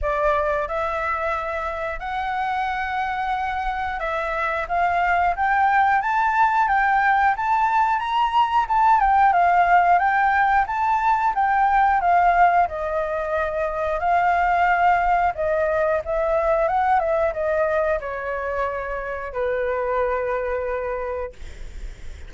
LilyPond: \new Staff \with { instrumentName = "flute" } { \time 4/4 \tempo 4 = 90 d''4 e''2 fis''4~ | fis''2 e''4 f''4 | g''4 a''4 g''4 a''4 | ais''4 a''8 g''8 f''4 g''4 |
a''4 g''4 f''4 dis''4~ | dis''4 f''2 dis''4 | e''4 fis''8 e''8 dis''4 cis''4~ | cis''4 b'2. | }